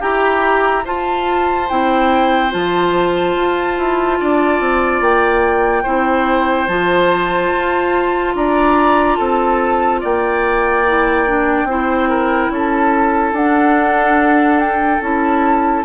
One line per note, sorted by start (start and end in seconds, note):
0.00 0.86 E4
0.00 0.83 G4
0.00 0.84 G4
0.00 0.85 A#5
0.85 1.68 F4
0.85 1.69 F4
0.85 4.18 C5
0.85 1.69 A5
1.69 2.54 C4
1.69 2.50 E4
1.69 2.52 G5
2.50 3.36 F3
2.50 5.84 F4
2.50 5.03 A5
3.36 3.78 F4
3.78 4.20 E4
4.20 4.60 D4
4.20 5.83 D5
4.60 5.01 C4
5.01 5.84 A#3
5.01 6.68 G5
5.83 6.68 C4
5.83 6.68 E4
5.83 8.33 C5
6.68 7.51 F3
6.68 10.85 F4
6.68 8.34 A5
7.55 8.35 F4
8.35 9.18 D4
8.35 9.18 D5
8.35 9.16 A#5
9.16 10.02 C4
9.16 10.01 A4
9.16 9.99 A5
10.01 11.64 A#3
10.01 11.67 D5
10.01 12.54 G5
10.87 11.27 E4
11.27 11.68 D4
11.64 12.48 C4
11.64 13.35 E4
11.64 12.09 C5
12.09 12.51 A#4
12.50 13.32 C#4
12.50 15.85 A4
12.50 13.35 A5
13.32 14.99 D4
13.32 15.01 D4
13.32 14.60 F#5
14.60 15.01 G5
15.01 15.84 C#4
15.01 15.85 E4
15.01 15.85 A5